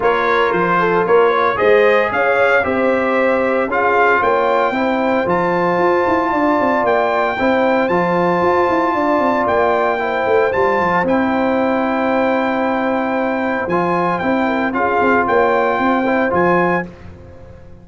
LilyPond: <<
  \new Staff \with { instrumentName = "trumpet" } { \time 4/4 \tempo 4 = 114 cis''4 c''4 cis''4 dis''4 | f''4 e''2 f''4 | g''2 a''2~ | a''4 g''2 a''4~ |
a''2 g''2 | a''4 g''2.~ | g''2 gis''4 g''4 | f''4 g''2 gis''4 | }
  \new Staff \with { instrumentName = "horn" } { \time 4/4 ais'4. a'8 ais'8 cis''8 c''4 | cis''4 c''2 gis'4 | cis''4 c''2. | d''2 c''2~ |
c''4 d''2 c''4~ | c''1~ | c''2.~ c''8 ais'8 | gis'4 cis''4 c''2 | }
  \new Staff \with { instrumentName = "trombone" } { \time 4/4 f'2. gis'4~ | gis'4 g'2 f'4~ | f'4 e'4 f'2~ | f'2 e'4 f'4~ |
f'2. e'4 | f'4 e'2.~ | e'2 f'4 e'4 | f'2~ f'8 e'8 f'4 | }
  \new Staff \with { instrumentName = "tuba" } { \time 4/4 ais4 f4 ais4 gis4 | cis'4 c'2 cis'4 | ais4 c'4 f4 f'8 e'8 | d'8 c'8 ais4 c'4 f4 |
f'8 e'8 d'8 c'8 ais4. a8 | g8 f8 c'2.~ | c'2 f4 c'4 | cis'8 c'8 ais4 c'4 f4 | }
>>